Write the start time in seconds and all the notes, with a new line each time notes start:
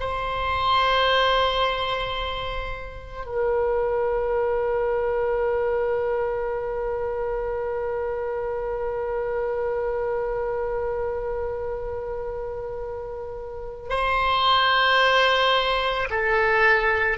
0.00 C5
3.26 A#4
13.90 C5
16.11 A4